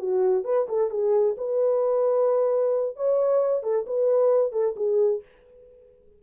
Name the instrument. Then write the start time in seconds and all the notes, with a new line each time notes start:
horn
0.00 F#4
0.44 B4
0.69 A4
0.90 G#4
1.38 B4
2.97 C#5
3.63 A4
3.87 B4
4.53 A4
4.77 G#4